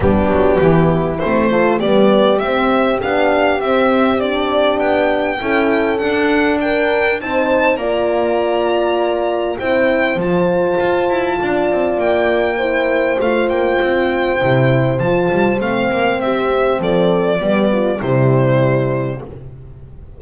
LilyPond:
<<
  \new Staff \with { instrumentName = "violin" } { \time 4/4 \tempo 4 = 100 g'2 c''4 d''4 | e''4 f''4 e''4 d''4 | g''2 fis''4 g''4 | a''4 ais''2. |
g''4 a''2. | g''2 f''8 g''4.~ | g''4 a''4 f''4 e''4 | d''2 c''2 | }
  \new Staff \with { instrumentName = "horn" } { \time 4/4 d'4 e'4. a'8 g'4~ | g'1~ | g'4 a'2 ais'4 | c''4 d''2. |
c''2. d''4~ | d''4 c''2.~ | c''2. g'4 | a'4 g'8 f'8 e'2 | }
  \new Staff \with { instrumentName = "horn" } { \time 4/4 b2 c'8 f'8 b4 | c'4 d'4 c'4 d'4~ | d'4 e'4 d'2 | dis'4 f'2. |
e'4 f'2.~ | f'4 e'4 f'2 | e'4 f'4 c'2~ | c'4 b4 g2 | }
  \new Staff \with { instrumentName = "double bass" } { \time 4/4 g8 fis8 e4 a4 g4 | c'4 b4 c'2 | b4 cis'4 d'2 | c'4 ais2. |
c'4 f4 f'8 e'8 d'8 c'8 | ais2 a8 ais8 c'4 | c4 f8 g8 a8 ais8 c'4 | f4 g4 c2 | }
>>